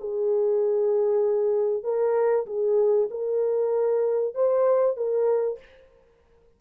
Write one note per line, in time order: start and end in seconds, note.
0.00 1.83 G#4
1.83 2.45 A#4
2.46 3.09 G#4
3.10 4.34 A#4
4.34 4.96 C5
4.96 5.59 A#4